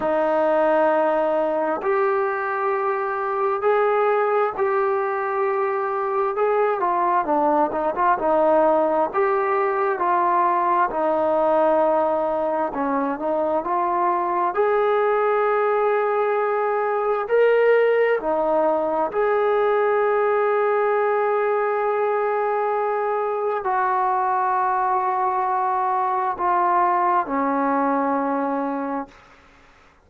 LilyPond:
\new Staff \with { instrumentName = "trombone" } { \time 4/4 \tempo 4 = 66 dis'2 g'2 | gis'4 g'2 gis'8 f'8 | d'8 dis'16 f'16 dis'4 g'4 f'4 | dis'2 cis'8 dis'8 f'4 |
gis'2. ais'4 | dis'4 gis'2.~ | gis'2 fis'2~ | fis'4 f'4 cis'2 | }